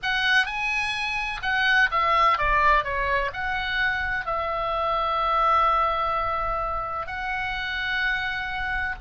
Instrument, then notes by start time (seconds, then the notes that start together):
oboe
0.02 F#5
0.46 G#5
1.42 F#5
1.91 E5
2.38 D5
2.83 C#5
3.33 F#5
4.25 E5
7.06 F#5